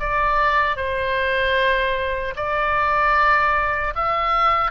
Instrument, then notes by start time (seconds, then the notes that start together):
oboe
0.00 D5
0.77 C5
2.36 D5
3.95 E5